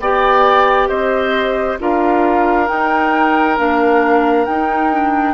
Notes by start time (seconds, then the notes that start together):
0.00 B3 G4 D5 G5
0.88 C4 C5 D#5
1.80 D4 F4 A#4 F5
2.66 D#4 G5
3.57 A#3 D4 F5
4.46 D#4 G5
4.92 D4